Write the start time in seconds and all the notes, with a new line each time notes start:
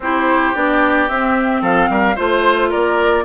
0.00 C4 E4 G4 C5
0.55 B3 D4 D5
1.08 C4 E5
1.61 F3 A4 F5
1.89 G3 A#4
2.15 A3 F4 C5
2.69 A#3 A#4 D5